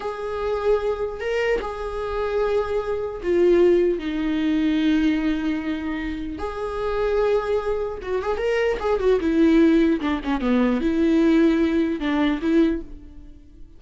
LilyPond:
\new Staff \with { instrumentName = "viola" } { \time 4/4 \tempo 4 = 150 gis'2. ais'4 | gis'1 | f'2 dis'2~ | dis'1 |
gis'1 | fis'8 gis'8 ais'4 gis'8 fis'8 e'4~ | e'4 d'8 cis'8 b4 e'4~ | e'2 d'4 e'4 | }